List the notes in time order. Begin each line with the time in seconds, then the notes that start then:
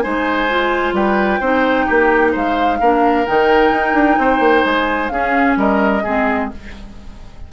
0.00 G#3 D#4 C5 G#5
0.50 F4
0.93 G3 B4 G5
1.40 C4 D#4 C5
1.86 A#3 G4
2.32 G#3 C5 F5
2.81 A#3 D4 A#4
3.26 D#3 D#4 G5
3.72 D#4
3.94 D4
4.18 C4 C5
4.40 A#3
4.65 G#3 G#5
5.09 C#4 G#4 F5
5.57 G3 A#4 D#5
6.04 G#3 C4 G#4